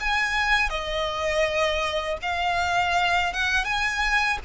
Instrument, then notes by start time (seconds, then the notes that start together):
violin
0.00 G#5
0.70 D#5
2.22 F5
3.33 F#5
3.64 G#5